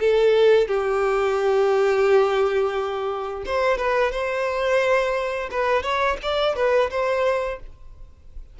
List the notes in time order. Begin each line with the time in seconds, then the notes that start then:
0.00 A4
0.68 G4
3.45 C5
3.78 B4
4.12 C5
5.51 B4
5.83 C#5
6.22 D5
6.55 B4
6.91 C5